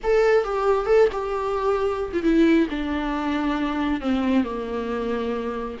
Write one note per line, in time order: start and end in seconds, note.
0.03 0.44 A4
0.44 0.86 G4
0.86 1.08 A4
1.12 2.12 G4
2.13 2.23 F4
2.23 2.67 E4
2.69 4.00 D4
4.00 4.44 C4
4.44 5.77 A#3